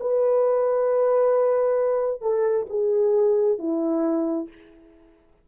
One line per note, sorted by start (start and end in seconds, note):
0.00 2.21 B4
2.21 2.66 A4
2.69 3.58 G#4
3.58 4.48 E4